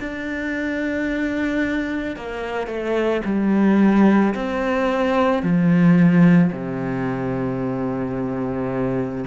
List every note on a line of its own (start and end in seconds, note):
0.00 2.16 D4
2.16 2.67 A#3
2.67 3.22 A3
3.25 4.34 G3
4.35 5.42 C4
5.42 6.52 F3
6.52 9.25 C3